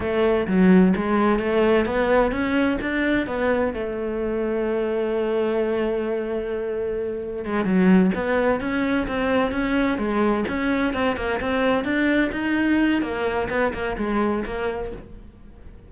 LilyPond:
\new Staff \with { instrumentName = "cello" } { \time 4/4 \tempo 4 = 129 a4 fis4 gis4 a4 | b4 cis'4 d'4 b4 | a1~ | a1 |
gis8 fis4 b4 cis'4 c'8~ | c'8 cis'4 gis4 cis'4 c'8 | ais8 c'4 d'4 dis'4. | ais4 b8 ais8 gis4 ais4 | }